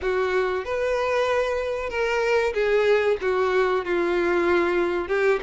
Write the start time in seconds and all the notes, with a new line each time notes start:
0.01 F#4
0.64 B4
1.89 A#4
2.53 G#4
3.21 F#4
3.84 F4
5.07 G4